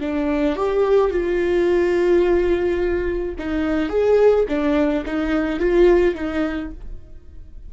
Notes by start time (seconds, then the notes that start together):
0.00 D4
0.56 G4
1.11 F4
3.38 D#4
3.89 G#4
4.48 D4
5.06 D#4
5.60 F4
6.15 D#4